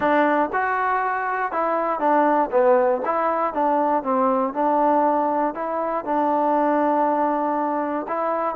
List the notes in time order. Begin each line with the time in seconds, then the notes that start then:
0.00 D4
0.52 F#4
1.51 E4
1.99 D4
2.51 B3
3.05 E4
3.53 D4
4.03 C4
4.53 D4
5.54 E4
6.04 D4
8.08 E4